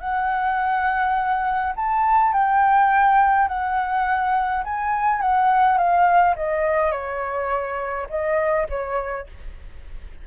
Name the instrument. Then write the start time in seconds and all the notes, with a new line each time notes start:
flute
0.00 F#5
1.76 A5
2.33 G5
3.48 F#5
4.64 G#5
5.21 F#5
5.77 F5
6.36 D#5
6.92 C#5
8.10 D#5
8.69 C#5